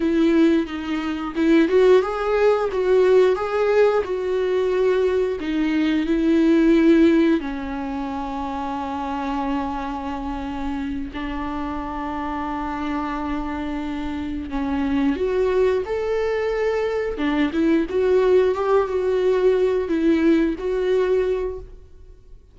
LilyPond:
\new Staff \with { instrumentName = "viola" } { \time 4/4 \tempo 4 = 89 e'4 dis'4 e'8 fis'8 gis'4 | fis'4 gis'4 fis'2 | dis'4 e'2 cis'4~ | cis'1~ |
cis'8 d'2.~ d'8~ | d'4. cis'4 fis'4 a'8~ | a'4. d'8 e'8 fis'4 g'8 | fis'4. e'4 fis'4. | }